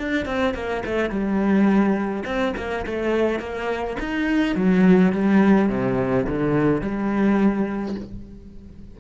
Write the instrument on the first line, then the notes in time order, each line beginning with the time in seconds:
cello
0.00 D4
0.26 C4
0.55 A#3
0.86 A3
1.10 G3
2.25 C4
2.57 A#3
2.86 A3
3.40 A#3
4.01 D#4
4.56 F#3
5.13 G3
5.70 C3
6.27 D3
6.82 G3